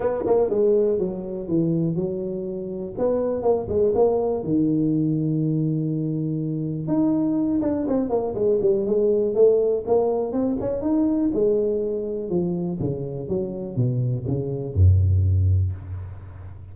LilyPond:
\new Staff \with { instrumentName = "tuba" } { \time 4/4 \tempo 4 = 122 b8 ais8 gis4 fis4 e4 | fis2 b4 ais8 gis8 | ais4 dis2.~ | dis2 dis'4. d'8 |
c'8 ais8 gis8 g8 gis4 a4 | ais4 c'8 cis'8 dis'4 gis4~ | gis4 f4 cis4 fis4 | b,4 cis4 fis,2 | }